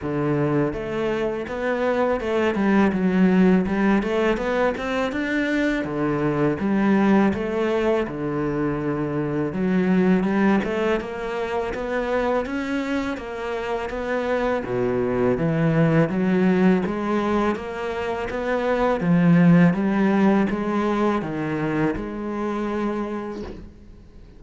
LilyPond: \new Staff \with { instrumentName = "cello" } { \time 4/4 \tempo 4 = 82 d4 a4 b4 a8 g8 | fis4 g8 a8 b8 c'8 d'4 | d4 g4 a4 d4~ | d4 fis4 g8 a8 ais4 |
b4 cis'4 ais4 b4 | b,4 e4 fis4 gis4 | ais4 b4 f4 g4 | gis4 dis4 gis2 | }